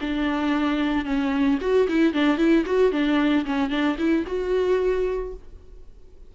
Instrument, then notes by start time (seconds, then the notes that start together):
viola
0.00 D4
1.05 C#4
1.60 F#4
1.88 E4
2.13 D4
2.37 E4
2.65 F#4
2.91 D4
3.45 C#4
3.70 D4
3.98 E4
4.26 F#4